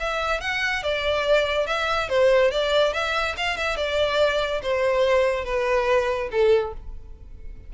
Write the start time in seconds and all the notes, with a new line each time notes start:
0.00 E5
0.41 F#5
0.83 D5
1.67 E5
2.09 C5
2.51 D5
2.93 E5
3.37 F5
3.57 E5
3.77 D5
4.62 C5
5.45 B4
6.31 A4